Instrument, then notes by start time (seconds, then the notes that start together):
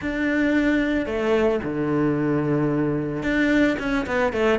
cello
0.01 D4
1.06 A3
1.63 D3
3.22 D4
3.79 C#4
4.06 B3
4.32 A3